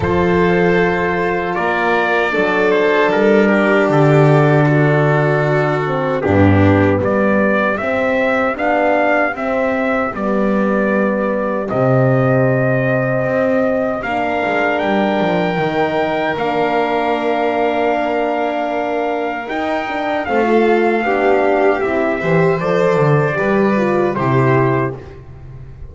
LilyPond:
<<
  \new Staff \with { instrumentName = "trumpet" } { \time 4/4 \tempo 4 = 77 c''2 d''4. c''8 | ais'4 a'2. | g'4 d''4 e''4 f''4 | e''4 d''2 dis''4~ |
dis''2 f''4 g''4~ | g''4 f''2.~ | f''4 g''4 f''2 | e''4 d''2 c''4 | }
  \new Staff \with { instrumentName = "violin" } { \time 4/4 a'2 ais'4 a'4~ | a'8 g'4. fis'2 | d'4 g'2.~ | g'1~ |
g'2 ais'2~ | ais'1~ | ais'2 a'4 g'4~ | g'8 c''4. b'4 g'4 | }
  \new Staff \with { instrumentName = "horn" } { \time 4/4 f'2. d'4~ | d'2.~ d'8 c'8 | b2 c'4 d'4 | c'4 b2 c'4~ |
c'2 d'2 | dis'4 d'2.~ | d'4 dis'8 d'8 c'16 f'8. d'4 | e'8 g'8 a'4 g'8 f'8 e'4 | }
  \new Staff \with { instrumentName = "double bass" } { \time 4/4 f2 ais4 fis4 | g4 d2. | g,4 g4 c'4 b4 | c'4 g2 c4~ |
c4 c'4 ais8 gis8 g8 f8 | dis4 ais2.~ | ais4 dis'4 a4 b4 | c'8 e8 f8 d8 g4 c4 | }
>>